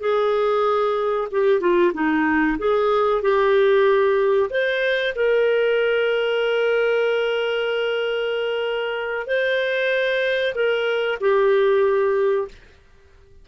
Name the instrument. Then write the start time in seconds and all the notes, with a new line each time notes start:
clarinet
0.00 G#4
1.31 G4
1.60 F4
1.94 D#4
2.58 G#4
3.22 G4
4.50 C5
5.15 A#4
9.26 C5
10.54 A#4
11.20 G4